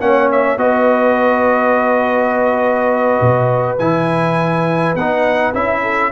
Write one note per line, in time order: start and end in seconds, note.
0.00 0.57 A#3
0.00 0.58 C#4
0.00 0.59 C#5
0.00 0.30 F#5
0.31 0.58 E5
0.57 3.19 B3
0.57 3.78 F#4
0.57 5.82 B4
0.57 3.78 D#5
3.21 3.79 B2
3.79 4.95 E3
3.79 4.96 E4
3.79 4.95 G#5
4.95 5.53 B3
4.95 5.54 D#4
4.95 5.54 F#5
5.54 6.12 C#4
5.54 6.12 E4
5.54 6.12 E5
5.82 6.11 A4